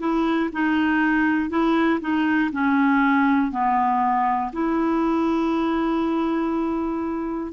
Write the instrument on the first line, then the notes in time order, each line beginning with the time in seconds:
clarinet
0.00 E4
0.53 D#4
1.50 E4
2.00 D#4
2.52 C#4
3.51 B3
4.53 E4